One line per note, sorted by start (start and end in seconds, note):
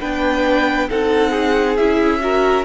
0.00 0.90 B3
0.00 0.88 D4
0.00 0.88 B4
0.00 0.89 G5
0.88 1.78 C4
0.88 1.77 D#4
0.88 1.30 A4
0.88 1.76 F#5
1.30 2.18 G#4
1.76 2.65 C#4
1.76 2.19 E4
1.76 2.64 E5
2.19 2.64 F#4
2.19 2.65 A#4